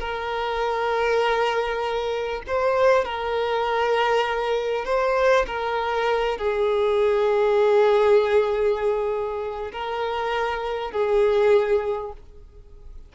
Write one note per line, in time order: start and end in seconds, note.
0.00 2.42 A#4
2.47 3.05 C5
3.05 4.85 A#4
4.85 5.46 C5
5.47 6.38 A#4
6.38 9.71 G#4
9.72 10.92 A#4
10.92 12.13 G#4